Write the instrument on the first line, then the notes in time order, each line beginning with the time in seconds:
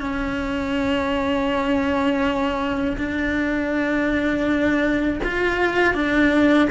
cello
0.00 C#4
2.98 D4
5.24 F4
5.94 D4